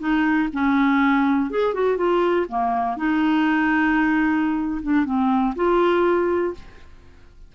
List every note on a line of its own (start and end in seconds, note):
0.00 0.49 D#4
0.53 1.51 C#4
1.51 1.74 G#4
1.74 1.97 F#4
1.97 2.47 F4
2.49 2.97 A#3
2.97 4.82 D#4
4.83 5.05 D4
5.05 5.55 C4
5.56 6.54 F4